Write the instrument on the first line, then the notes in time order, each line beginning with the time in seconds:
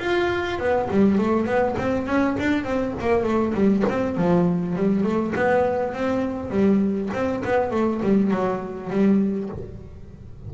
double bass
0.00 F4
0.59 B3
0.91 G3
1.19 A3
1.46 B3
1.78 C4
2.07 C#4
2.40 D4
2.65 C4
3.01 A#3
3.24 A3
3.55 G3
3.89 C4
4.17 F3
4.76 G3
5.04 A3
5.36 B3
5.94 C4
6.50 G3
7.14 C4
7.45 B3
7.71 A3
8.03 G3
8.31 F#3
8.91 G3